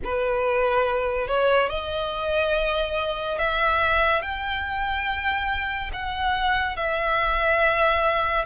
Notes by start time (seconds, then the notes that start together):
0.03 B4
1.27 C#5
1.69 D#5
3.38 E5
4.21 G5
5.93 F#5
6.76 E5